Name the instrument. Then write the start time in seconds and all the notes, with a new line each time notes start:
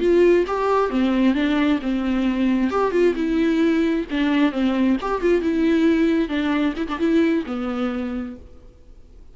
viola
0.00 F4
0.47 G4
0.90 C4
1.35 D4
1.82 C4
2.71 G4
2.92 F4
3.15 E4
4.11 D4
4.52 C4
5.01 G4
5.22 F4
5.41 E4
6.29 D4
6.76 E4
6.88 D4
6.99 E4
7.46 B3